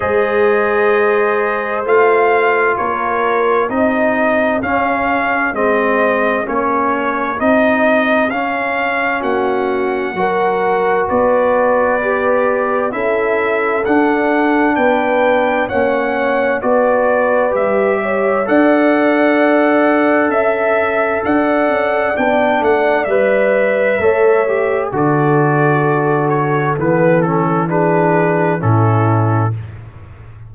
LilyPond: <<
  \new Staff \with { instrumentName = "trumpet" } { \time 4/4 \tempo 4 = 65 dis''2 f''4 cis''4 | dis''4 f''4 dis''4 cis''4 | dis''4 f''4 fis''2 | d''2 e''4 fis''4 |
g''4 fis''4 d''4 e''4 | fis''2 e''4 fis''4 | g''8 fis''8 e''2 d''4~ | d''8 cis''8 b'8 a'8 b'4 a'4 | }
  \new Staff \with { instrumentName = "horn" } { \time 4/4 c''2. ais'4 | gis'1~ | gis'2 fis'4 ais'4 | b'2 a'2 |
b'4 cis''4 b'4. cis''8 | d''2 e''4 d''4~ | d''2 cis''4 a'4~ | a'2 gis'4 e'4 | }
  \new Staff \with { instrumentName = "trombone" } { \time 4/4 gis'2 f'2 | dis'4 cis'4 c'4 cis'4 | dis'4 cis'2 fis'4~ | fis'4 g'4 e'4 d'4~ |
d'4 cis'4 fis'4 g'4 | a'1 | d'4 b'4 a'8 g'8 fis'4~ | fis'4 b8 cis'8 d'4 cis'4 | }
  \new Staff \with { instrumentName = "tuba" } { \time 4/4 gis2 a4 ais4 | c'4 cis'4 gis4 ais4 | c'4 cis'4 ais4 fis4 | b2 cis'4 d'4 |
b4 ais4 b4 g4 | d'2 cis'4 d'8 cis'8 | b8 a8 g4 a4 d4~ | d4 e2 a,4 | }
>>